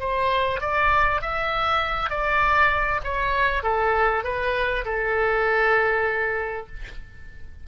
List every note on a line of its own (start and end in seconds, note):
0.00 0.61 C5
0.61 1.21 D5
1.22 2.10 E5
2.10 3.01 D5
3.04 3.63 C#5
3.63 4.24 A4
4.24 4.85 B4
4.85 6.67 A4